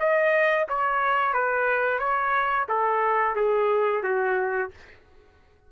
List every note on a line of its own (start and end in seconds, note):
0.00 0.67 D#5
0.69 1.34 C#5
1.34 1.99 B4
1.99 2.66 C#5
2.68 3.36 A4
3.36 4.03 G#4
4.03 4.71 F#4